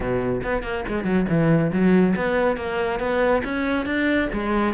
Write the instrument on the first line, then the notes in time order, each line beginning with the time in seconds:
cello
0.00 B2
0.43 B3
0.63 A#3
0.87 G#3
1.04 F#3
1.28 E3
1.72 F#3
2.16 B3
2.56 A#3
2.99 B3
3.43 C#4
3.85 D4
4.33 G#3